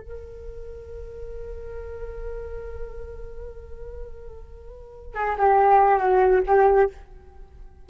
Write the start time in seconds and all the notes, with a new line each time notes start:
0.00 A#4
5.14 G#4
5.37 G4
5.98 F#4
6.46 G4